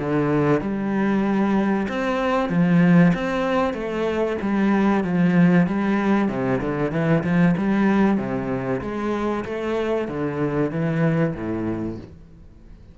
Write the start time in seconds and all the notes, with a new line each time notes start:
0.00 D3
0.61 G3
1.89 C4
2.49 F3
3.14 C4
3.74 A3
4.42 G3
5.04 F3
5.67 G3
6.29 C3
6.61 D3
6.92 E3
7.24 F3
7.57 G3
8.18 C3
8.82 G#3
9.45 A3
10.08 D3
10.71 E3
11.35 A2